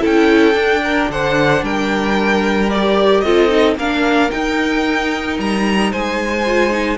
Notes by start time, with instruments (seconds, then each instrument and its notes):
0.00 cello C#4, viola E4, violin A4 G5
0.54 viola D4, cello D4
0.84 violin A#4
1.09 cello D3, violin C5 F#5
1.62 cello G3, violin A#4 G5
2.70 viola G4, violin D5
3.21 cello C4, viola F4, violin A4 D#5
3.49 viola D#4
3.76 cello A#3, viola D4, violin A#4 F5
4.30 viola D#4, cello D#4, violin G5
5.39 cello G3, violin A#5
5.91 cello G#3, violin C5 G#5
6.46 viola F4
6.71 viola D#4